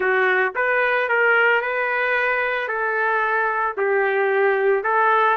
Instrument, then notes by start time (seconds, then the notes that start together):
trumpet
0.00 F#4
0.55 B4
1.09 A#4
1.61 B4
2.68 A4
3.77 G4
4.83 A4